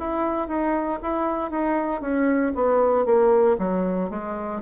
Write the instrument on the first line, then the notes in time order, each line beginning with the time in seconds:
bassoon
0.00 E4
0.48 D#4
1.03 E4
1.51 D#4
2.01 C#4
2.55 B3
3.06 A#3
3.59 F#3
4.10 G#3